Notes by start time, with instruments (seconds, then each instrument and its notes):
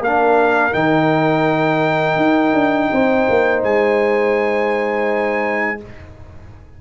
0.00 tuba A#3, trombone D4, trumpet F5
0.06 horn A#4
0.72 tuba D#3, trombone D#4, trumpet G5
2.16 tuba D#4
2.54 tuba D4
2.92 tuba C4, horn C5
3.30 tuba A#3
3.63 tuba G#3, trumpet G#5